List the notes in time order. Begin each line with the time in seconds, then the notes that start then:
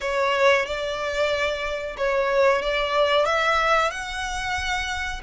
0.00 C#5
0.66 D5
1.97 C#5
2.61 D5
3.25 E5
3.90 F#5